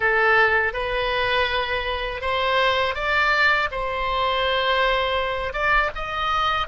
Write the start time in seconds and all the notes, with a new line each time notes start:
0.00 A4
0.73 B4
2.21 C5
2.95 D5
3.71 C5
5.53 D5
5.95 D#5